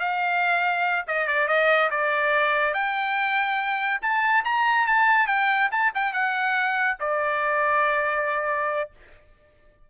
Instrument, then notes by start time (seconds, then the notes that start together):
trumpet
0.00 F5
1.08 D#5
1.28 D5
1.48 D#5
1.91 D5
2.74 G5
4.02 A5
4.45 A#5
4.87 A5
5.27 G5
5.71 A5
5.95 G5
6.13 F#5
7.00 D5